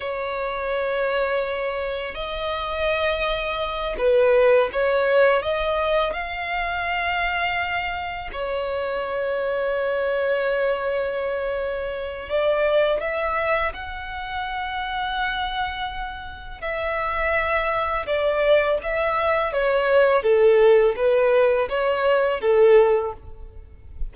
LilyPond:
\new Staff \with { instrumentName = "violin" } { \time 4/4 \tempo 4 = 83 cis''2. dis''4~ | dis''4. b'4 cis''4 dis''8~ | dis''8 f''2. cis''8~ | cis''1~ |
cis''4 d''4 e''4 fis''4~ | fis''2. e''4~ | e''4 d''4 e''4 cis''4 | a'4 b'4 cis''4 a'4 | }